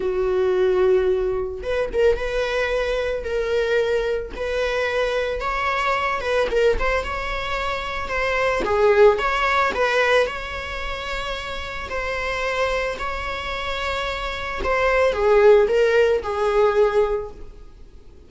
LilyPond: \new Staff \with { instrumentName = "viola" } { \time 4/4 \tempo 4 = 111 fis'2. b'8 ais'8 | b'2 ais'2 | b'2 cis''4. b'8 | ais'8 c''8 cis''2 c''4 |
gis'4 cis''4 b'4 cis''4~ | cis''2 c''2 | cis''2. c''4 | gis'4 ais'4 gis'2 | }